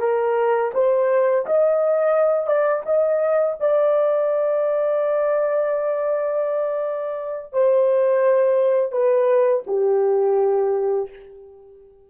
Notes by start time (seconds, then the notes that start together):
0.00 A#4
0.74 C5
1.46 D#5
2.47 D5
2.86 D#5
3.60 D5
7.53 C5
8.93 B4
9.67 G4